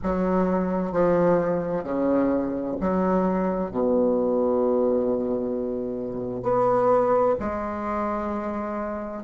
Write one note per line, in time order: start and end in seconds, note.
0.03 0.91 F#3
0.91 1.83 F3
1.83 2.75 C#3
2.80 3.70 F#3
3.70 6.42 B2
6.42 7.35 B3
7.39 9.23 G#3